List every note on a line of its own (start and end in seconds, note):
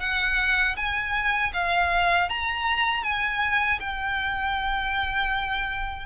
0.00 0.76 F#5
0.76 1.52 G#5
1.54 2.29 F5
2.29 3.03 A#5
3.03 3.79 G#5
3.80 6.06 G5